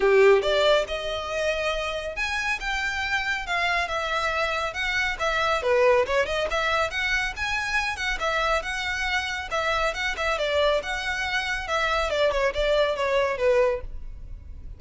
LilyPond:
\new Staff \with { instrumentName = "violin" } { \time 4/4 \tempo 4 = 139 g'4 d''4 dis''2~ | dis''4 gis''4 g''2 | f''4 e''2 fis''4 | e''4 b'4 cis''8 dis''8 e''4 |
fis''4 gis''4. fis''8 e''4 | fis''2 e''4 fis''8 e''8 | d''4 fis''2 e''4 | d''8 cis''8 d''4 cis''4 b'4 | }